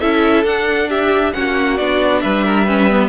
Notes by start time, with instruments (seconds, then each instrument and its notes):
0.00 cello C#4, viola E4, violin A4 E5
0.44 cello D4, viola D4, violin F#5
0.89 violin G4 E5
1.33 cello A#3, viola C#4, violin F#4 F#5
1.77 cello B3, viola D4, violin D5
2.20 cello G3, violin B4 E5
2.44 violin A#4
2.65 viola C#4, violin B4
2.89 viola B3